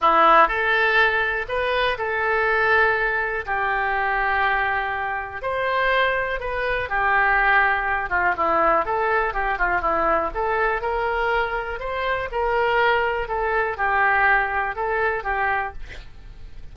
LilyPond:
\new Staff \with { instrumentName = "oboe" } { \time 4/4 \tempo 4 = 122 e'4 a'2 b'4 | a'2. g'4~ | g'2. c''4~ | c''4 b'4 g'2~ |
g'8 f'8 e'4 a'4 g'8 f'8 | e'4 a'4 ais'2 | c''4 ais'2 a'4 | g'2 a'4 g'4 | }